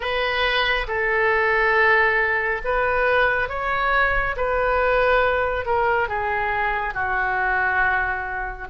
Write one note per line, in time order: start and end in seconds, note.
0.00 0.87 B4
0.87 2.61 A4
2.64 3.48 B4
3.48 4.35 C#5
4.36 5.65 B4
5.65 6.08 A#4
6.08 6.94 G#4
6.94 8.68 F#4